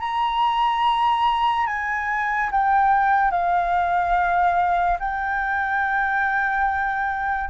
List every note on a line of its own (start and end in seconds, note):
0.00 1.67 A#5
1.67 2.50 G#5
2.52 3.31 G5
3.31 4.98 F5
5.00 7.50 G5